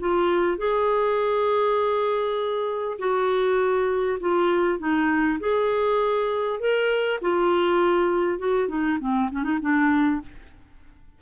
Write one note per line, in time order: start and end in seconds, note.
0.00 0.58 F4
0.58 2.98 G#4
2.99 4.19 F#4
4.21 4.79 F4
4.79 5.39 D#4
5.40 6.60 G#4
6.60 7.20 A#4
7.22 8.39 F4
8.39 8.69 F#4
8.69 8.99 D#4
9.00 9.30 C4
9.32 9.44 C#4
9.44 9.59 D#4
9.62 10.22 D4